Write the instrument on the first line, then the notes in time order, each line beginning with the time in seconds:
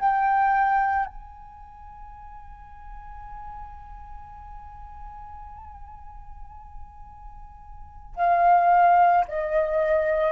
flute
0.00 G5
1.06 G#5
8.16 F5
9.28 D#5